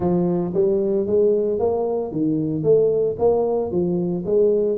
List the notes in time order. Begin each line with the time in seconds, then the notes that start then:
0.00 F3
0.53 G3
1.06 G#3
1.59 A#3
2.11 D#3
2.63 A3
3.18 A#3
3.71 F3
4.25 G#3